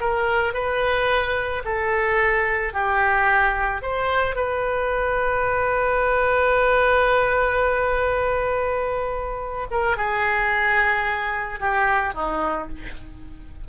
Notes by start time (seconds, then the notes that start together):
0.00 A#4
0.54 B4
1.65 A4
2.73 G4
3.82 C5
4.36 B4
9.71 A#4
9.97 G#4
11.60 G4
12.14 D#4